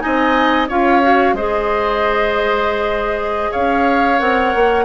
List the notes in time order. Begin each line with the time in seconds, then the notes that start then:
0.00 D#4 D#5 G#5
0.06 C4
0.69 C#4 F4 C#5 F5
1.03 F#4
1.33 G#3 G#4 C5 D#5
3.52 C#4 C#5 F5
4.19 C4 A#4 F#5
4.55 A#3